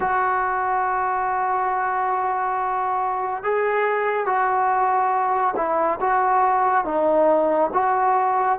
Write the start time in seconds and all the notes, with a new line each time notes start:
0.00 F#4
3.43 G#4
4.25 F#4
5.56 E4
6.00 F#4
6.84 D#4
7.73 F#4